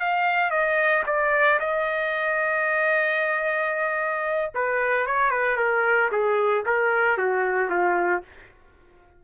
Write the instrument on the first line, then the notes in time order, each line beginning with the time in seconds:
trumpet
0.00 F5
0.50 D#5
1.06 D5
1.60 D#5
4.55 B4
5.07 C#5
5.30 B4
5.57 A#4
6.12 G#4
6.66 A#4
7.18 F#4
7.70 F4